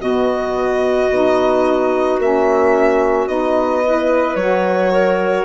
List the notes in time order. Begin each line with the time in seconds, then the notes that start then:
0.00 B2 B3 F#4 D#5
1.09 B3 D#4
2.18 A#3 C#4 E5
3.26 B3 D#4 D#5
3.84 E4 B4
4.35 F#3 F#4 C#5
4.92 A#4